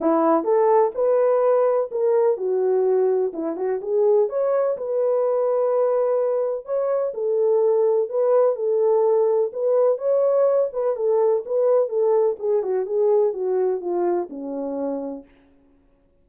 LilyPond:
\new Staff \with { instrumentName = "horn" } { \time 4/4 \tempo 4 = 126 e'4 a'4 b'2 | ais'4 fis'2 e'8 fis'8 | gis'4 cis''4 b'2~ | b'2 cis''4 a'4~ |
a'4 b'4 a'2 | b'4 cis''4. b'8 a'4 | b'4 a'4 gis'8 fis'8 gis'4 | fis'4 f'4 cis'2 | }